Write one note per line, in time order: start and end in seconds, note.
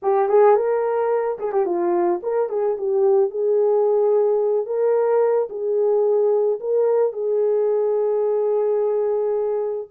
0.02 0.29 G4
0.29 0.56 G#4
0.56 1.38 A#4
1.39 1.52 G#4
1.52 1.65 G4
1.65 2.20 F4
2.23 2.49 A#4
2.49 2.76 G#4
2.77 3.30 G4
3.30 4.65 G#4
4.65 5.48 A#4
5.49 6.59 G#4
6.59 7.12 A#4
7.12 9.88 G#4